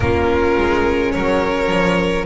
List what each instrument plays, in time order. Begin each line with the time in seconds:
0.00 double bass A#3, viola C#4, violin F4 A#4
0.57 double bass G#3
1.12 double bass F#3, violin A#4 C#5
1.71 double bass F3